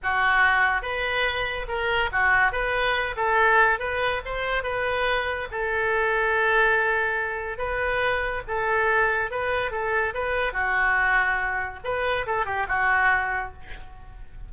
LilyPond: \new Staff \with { instrumentName = "oboe" } { \time 4/4 \tempo 4 = 142 fis'2 b'2 | ais'4 fis'4 b'4. a'8~ | a'4 b'4 c''4 b'4~ | b'4 a'2.~ |
a'2 b'2 | a'2 b'4 a'4 | b'4 fis'2. | b'4 a'8 g'8 fis'2 | }